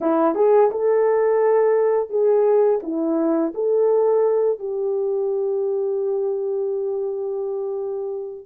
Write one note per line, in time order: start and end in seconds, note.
0.00 0.35 E4
0.35 0.70 G#4
0.71 2.09 A4
2.09 2.80 G#4
2.82 3.53 E4
3.54 4.59 A4
4.59 8.45 G4